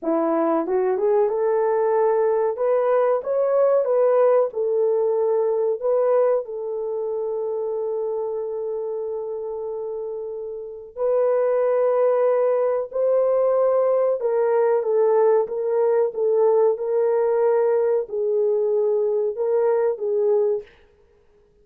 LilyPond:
\new Staff \with { instrumentName = "horn" } { \time 4/4 \tempo 4 = 93 e'4 fis'8 gis'8 a'2 | b'4 cis''4 b'4 a'4~ | a'4 b'4 a'2~ | a'1~ |
a'4 b'2. | c''2 ais'4 a'4 | ais'4 a'4 ais'2 | gis'2 ais'4 gis'4 | }